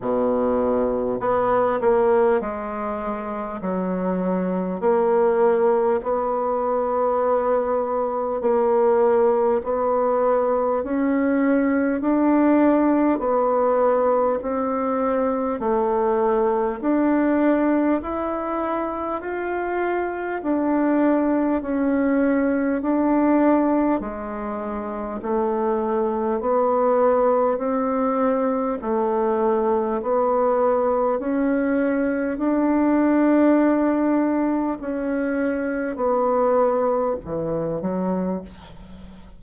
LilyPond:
\new Staff \with { instrumentName = "bassoon" } { \time 4/4 \tempo 4 = 50 b,4 b8 ais8 gis4 fis4 | ais4 b2 ais4 | b4 cis'4 d'4 b4 | c'4 a4 d'4 e'4 |
f'4 d'4 cis'4 d'4 | gis4 a4 b4 c'4 | a4 b4 cis'4 d'4~ | d'4 cis'4 b4 e8 fis8 | }